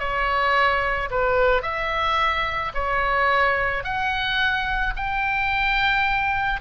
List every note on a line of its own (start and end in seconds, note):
0.00 1.10 C#5
1.11 1.63 B4
1.63 2.73 E5
2.74 3.84 C#5
3.84 4.94 F#5
4.97 6.61 G5